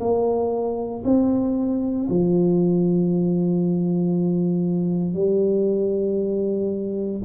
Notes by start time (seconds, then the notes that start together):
0.00 A#3
1.04 C4
2.09 F3
5.14 G3